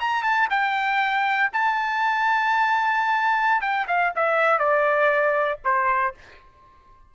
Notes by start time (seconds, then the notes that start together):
0.00 A#5
0.23 A5
0.50 G5
1.52 A5
3.61 G5
3.88 F5
4.15 E5
4.59 D5
5.65 C5